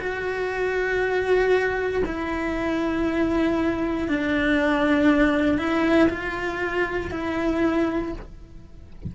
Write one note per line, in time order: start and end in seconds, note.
0.00 2.03 F#4
2.06 4.09 E4
4.09 5.58 D4
5.58 6.09 E4
6.10 7.11 F4
7.11 8.13 E4